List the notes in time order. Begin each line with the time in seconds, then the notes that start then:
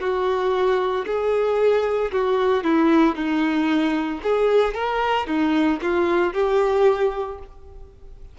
0.00 F#4
1.06 G#4
2.11 F#4
2.64 E4
3.15 D#4
4.23 G#4
4.74 A#4
5.27 D#4
5.82 F4
6.33 G4